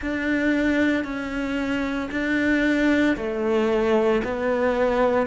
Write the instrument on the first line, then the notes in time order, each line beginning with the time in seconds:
cello
0.01 D4
1.03 C#4
2.11 D4
3.16 A3
4.23 B3